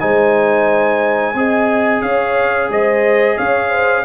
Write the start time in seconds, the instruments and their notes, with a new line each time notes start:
0.00 tuba G#3, trombone D#4, horn C5, trumpet G#5
1.34 tuba C4, trombone G#4, horn D#5
2.02 tuba C#4, horn C#5, trumpet F5
2.70 tuba G#3, horn C5, trumpet D#5
3.37 tuba C#4, horn C#5, trumpet F5
3.70 horn C5